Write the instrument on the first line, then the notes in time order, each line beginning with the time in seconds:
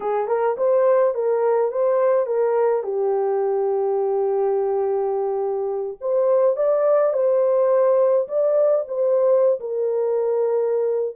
horn
0.00 G#4
0.27 A#4
0.57 C5
1.14 A#4
1.71 C5
2.26 A#4
2.83 G4
6.01 C5
6.56 D5
7.13 C5
8.28 D5
8.88 C5
9.59 A#4